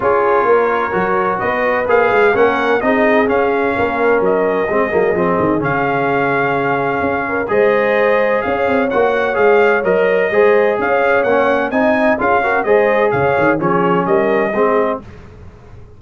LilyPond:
<<
  \new Staff \with { instrumentName = "trumpet" } { \time 4/4 \tempo 4 = 128 cis''2. dis''4 | f''4 fis''4 dis''4 f''4~ | f''4 dis''2. | f''1 |
dis''2 f''4 fis''4 | f''4 dis''2 f''4 | fis''4 gis''4 f''4 dis''4 | f''4 cis''4 dis''2 | }
  \new Staff \with { instrumentName = "horn" } { \time 4/4 gis'4 ais'2 b'4~ | b'4 ais'4 gis'2 | ais'2 gis'2~ | gis'2.~ gis'8 ais'8 |
c''2 cis''2~ | cis''2 c''4 cis''4~ | cis''4 dis''4 gis'8 ais'8 c''4 | cis''4 gis'4 ais'4 gis'4 | }
  \new Staff \with { instrumentName = "trombone" } { \time 4/4 f'2 fis'2 | gis'4 cis'4 dis'4 cis'4~ | cis'2 c'8 ais8 c'4 | cis'1 |
gis'2. fis'4 | gis'4 ais'4 gis'2 | cis'4 dis'4 f'8 fis'8 gis'4~ | gis'4 cis'2 c'4 | }
  \new Staff \with { instrumentName = "tuba" } { \time 4/4 cis'4 ais4 fis4 b4 | ais8 gis8 ais4 c'4 cis'4 | ais4 fis4 gis8 fis8 f8 dis8 | cis2. cis'4 |
gis2 cis'8 c'8 ais4 | gis4 fis4 gis4 cis'4 | ais4 c'4 cis'4 gis4 | cis8 dis8 f4 g4 gis4 | }
>>